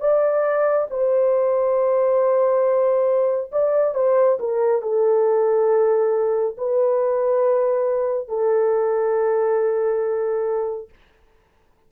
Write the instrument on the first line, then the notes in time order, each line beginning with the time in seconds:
horn
0.00 D5
0.90 C5
3.51 D5
3.94 C5
4.39 A#4
4.81 A4
6.57 B4
8.28 A4